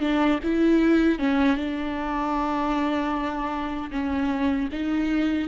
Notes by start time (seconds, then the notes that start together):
0.00 D4
0.43 E4
1.18 C#4
1.57 D4
3.91 C#4
4.72 D#4